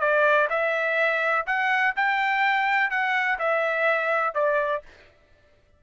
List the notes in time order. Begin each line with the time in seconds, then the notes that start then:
0.00 D5
0.49 E5
1.46 F#5
1.96 G5
2.90 F#5
3.39 E5
4.34 D5